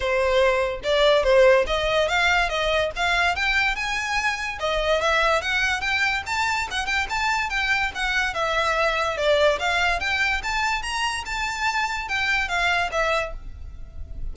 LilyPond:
\new Staff \with { instrumentName = "violin" } { \time 4/4 \tempo 4 = 144 c''2 d''4 c''4 | dis''4 f''4 dis''4 f''4 | g''4 gis''2 dis''4 | e''4 fis''4 g''4 a''4 |
fis''8 g''8 a''4 g''4 fis''4 | e''2 d''4 f''4 | g''4 a''4 ais''4 a''4~ | a''4 g''4 f''4 e''4 | }